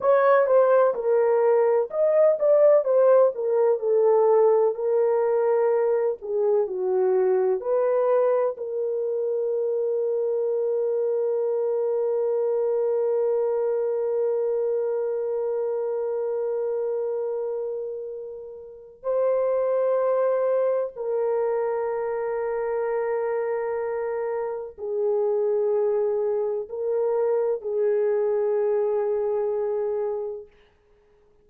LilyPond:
\new Staff \with { instrumentName = "horn" } { \time 4/4 \tempo 4 = 63 cis''8 c''8 ais'4 dis''8 d''8 c''8 ais'8 | a'4 ais'4. gis'8 fis'4 | b'4 ais'2.~ | ais'1~ |
ais'1 | c''2 ais'2~ | ais'2 gis'2 | ais'4 gis'2. | }